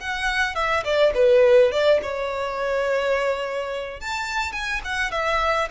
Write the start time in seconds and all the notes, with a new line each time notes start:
0.00 F#5
0.55 E5
0.84 D5
1.14 B4
1.71 D5
2.03 C#5
4.01 A5
4.52 G#5
4.85 F#5
5.11 E5